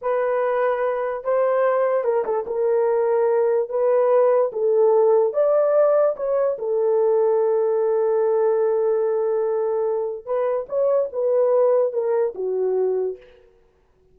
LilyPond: \new Staff \with { instrumentName = "horn" } { \time 4/4 \tempo 4 = 146 b'2. c''4~ | c''4 ais'8 a'8 ais'2~ | ais'4 b'2 a'4~ | a'4 d''2 cis''4 |
a'1~ | a'1~ | a'4 b'4 cis''4 b'4~ | b'4 ais'4 fis'2 | }